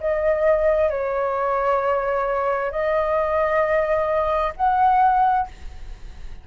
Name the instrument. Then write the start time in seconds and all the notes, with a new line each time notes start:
flute
0.00 D#5
0.90 C#5
2.71 D#5
4.57 F#5